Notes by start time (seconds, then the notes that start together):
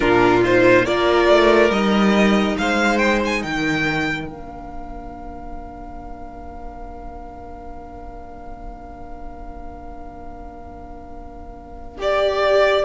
0.00 A#2 D4 F4 A#4
0.43 D#4 C5
0.85 A#3 F4 A#4 D5
1.28 A3
1.70 G3 D#4 D#5
2.57 G#3 C5 F5
2.98 G5
3.25 G#5
3.41 D#3 A#4 G5
4.27 A#3 D4 F5
11.97 G4 D5